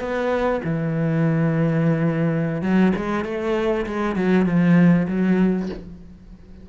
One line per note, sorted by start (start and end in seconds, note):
0.00 0.61 B3
0.65 2.62 E3
2.62 2.93 F#3
2.96 3.25 G#3
3.25 3.86 A3
3.86 4.16 G#3
4.16 4.46 F#3
4.46 5.07 F3
5.08 5.69 F#3